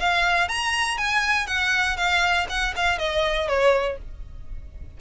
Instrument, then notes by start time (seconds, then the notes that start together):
violin
0.00 F5
0.49 A#5
0.98 G#5
1.47 F#5
1.97 F5
2.50 F#5
2.76 F5
2.99 D#5
3.49 C#5